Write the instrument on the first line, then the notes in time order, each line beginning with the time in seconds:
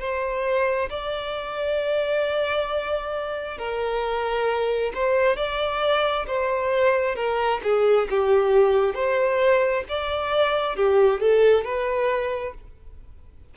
violin
0.00 C5
0.90 D5
3.58 A#4
4.95 C5
5.36 D5
6.27 C5
7.16 A#4
7.63 G#4
8.10 G4
8.95 C5
9.89 D5
10.76 G4
11.20 A4
11.65 B4